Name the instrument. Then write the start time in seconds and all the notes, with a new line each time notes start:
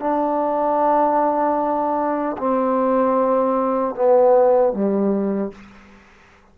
trombone
0.00 D4
2.38 C4
3.95 B3
4.73 G3